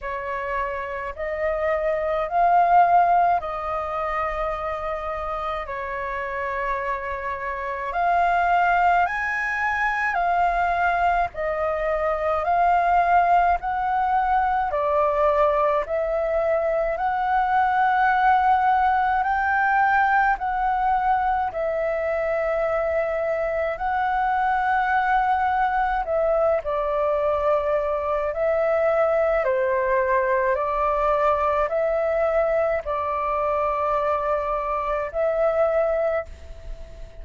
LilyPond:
\new Staff \with { instrumentName = "flute" } { \time 4/4 \tempo 4 = 53 cis''4 dis''4 f''4 dis''4~ | dis''4 cis''2 f''4 | gis''4 f''4 dis''4 f''4 | fis''4 d''4 e''4 fis''4~ |
fis''4 g''4 fis''4 e''4~ | e''4 fis''2 e''8 d''8~ | d''4 e''4 c''4 d''4 | e''4 d''2 e''4 | }